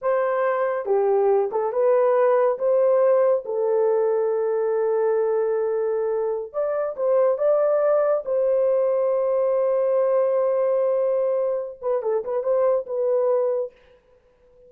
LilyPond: \new Staff \with { instrumentName = "horn" } { \time 4/4 \tempo 4 = 140 c''2 g'4. a'8 | b'2 c''2 | a'1~ | a'2.~ a'16 d''8.~ |
d''16 c''4 d''2 c''8.~ | c''1~ | c''2.~ c''8 b'8 | a'8 b'8 c''4 b'2 | }